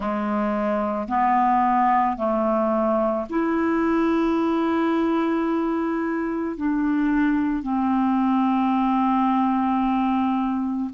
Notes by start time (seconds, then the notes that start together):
0.00 G#3
1.08 B3
2.16 A3
3.29 E4
6.57 D4
7.63 C4